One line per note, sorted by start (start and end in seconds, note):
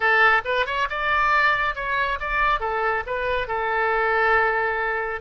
0.00 0.42 A4
0.44 0.66 B4
0.66 0.87 C#5
0.89 1.75 D5
1.75 2.19 C#5
2.20 2.60 D5
2.60 3.03 A4
3.06 3.47 B4
3.47 5.21 A4